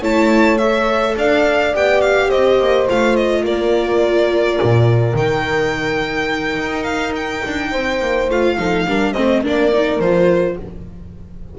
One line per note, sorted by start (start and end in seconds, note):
0.00 1.15 A3
0.00 0.59 E4
0.00 1.14 C#5
0.00 0.57 A5
0.57 1.73 A4
0.57 1.15 E5
1.16 1.74 D4
1.16 2.28 D5
1.16 1.75 F5
1.73 2.31 B3
1.73 2.87 G4
1.73 2.01 G5
2.01 2.29 F5
2.28 2.59 C4
2.28 3.42 C5
2.28 2.87 D#5
2.59 2.88 A#3
2.87 3.43 A3
2.87 5.15 F4
2.87 3.16 F5
3.16 3.44 D#5
3.43 4.58 A#3
3.43 7.71 A#4
3.43 5.16 D5
4.62 5.13 A#2
5.13 6.56 D#3
5.13 8.30 D#4
5.13 6.83 G5
6.56 7.42 D#4
6.83 7.12 F5
7.15 8.29 G5
7.46 7.72 D4
7.71 8.00 C4
7.71 8.56 C5
8.00 8.29 A#3
8.29 8.57 A3
8.29 8.58 F4
8.29 9.12 F5
8.57 8.85 F3
8.57 8.86 D#4
8.57 8.87 A4
8.85 9.14 G3
8.85 9.15 D4
8.85 9.12 A#4
9.12 9.45 A3
9.12 9.43 C4
9.12 9.41 C5
9.12 9.41 D#5
9.42 9.99 A#3
9.42 9.71 D4
9.42 10.57 A#4
9.42 10.00 D5
9.73 10.01 D#4
9.99 10.56 F3
9.99 10.59 F4
9.99 10.57 C5